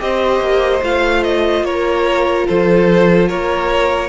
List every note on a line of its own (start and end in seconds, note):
0.00 0.40 C4
0.00 0.82 G4
0.00 1.66 C5
0.00 0.83 D#5
0.40 0.82 A#3
0.83 1.62 A3
0.83 4.10 F4
0.83 1.24 F5
1.24 1.65 D#5
1.62 2.44 A#3
1.62 2.48 A#4
1.62 2.47 C#5
2.48 3.31 F3
2.48 3.29 A4
2.48 3.28 C5
3.28 4.10 A#3
3.28 4.10 A#4
3.28 4.10 C#5